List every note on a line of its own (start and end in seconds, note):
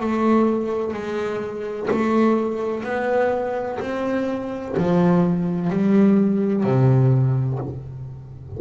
0.00 0.94 A3
0.94 1.89 G#3
1.90 2.84 A3
2.84 3.79 B3
3.80 4.75 C4
4.77 5.70 F3
5.70 6.63 G3
6.63 7.58 C3